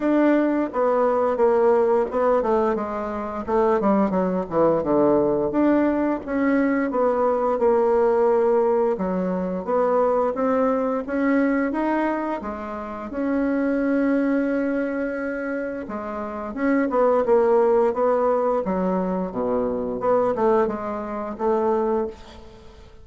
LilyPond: \new Staff \with { instrumentName = "bassoon" } { \time 4/4 \tempo 4 = 87 d'4 b4 ais4 b8 a8 | gis4 a8 g8 fis8 e8 d4 | d'4 cis'4 b4 ais4~ | ais4 fis4 b4 c'4 |
cis'4 dis'4 gis4 cis'4~ | cis'2. gis4 | cis'8 b8 ais4 b4 fis4 | b,4 b8 a8 gis4 a4 | }